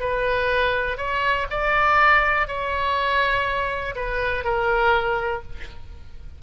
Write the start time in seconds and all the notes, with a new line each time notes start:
0.00 B4
0.97 C#5
1.50 D5
2.48 C#5
3.95 B4
4.44 A#4